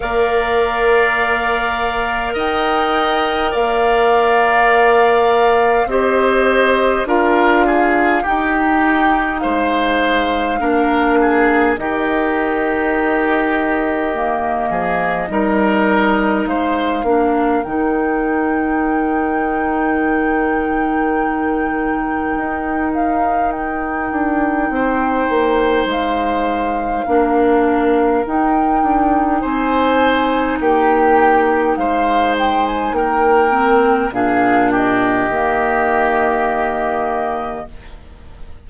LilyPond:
<<
  \new Staff \with { instrumentName = "flute" } { \time 4/4 \tempo 4 = 51 f''2 g''4 f''4~ | f''4 dis''4 f''4 g''4 | f''2 dis''2~ | dis''2 f''4 g''4~ |
g''2.~ g''8 f''8 | g''2 f''2 | g''4 gis''4 g''4 f''8 g''16 gis''16 | g''4 f''8 dis''2~ dis''8 | }
  \new Staff \with { instrumentName = "oboe" } { \time 4/4 d''2 dis''4 d''4~ | d''4 c''4 ais'8 gis'8 g'4 | c''4 ais'8 gis'8 g'2~ | g'8 gis'8 ais'4 c''8 ais'4.~ |
ais'1~ | ais'4 c''2 ais'4~ | ais'4 c''4 g'4 c''4 | ais'4 gis'8 g'2~ g'8 | }
  \new Staff \with { instrumentName = "clarinet" } { \time 4/4 ais'1~ | ais'4 g'4 f'4 dis'4~ | dis'4 d'4 dis'2 | ais4 dis'4. d'8 dis'4~ |
dis'1~ | dis'2. d'4 | dis'1~ | dis'8 c'8 d'4 ais2 | }
  \new Staff \with { instrumentName = "bassoon" } { \time 4/4 ais2 dis'4 ais4~ | ais4 c'4 d'4 dis'4 | gis4 ais4 dis2~ | dis8 f8 g4 gis8 ais8 dis4~ |
dis2. dis'4~ | dis'8 d'8 c'8 ais8 gis4 ais4 | dis'8 d'8 c'4 ais4 gis4 | ais4 ais,4 dis2 | }
>>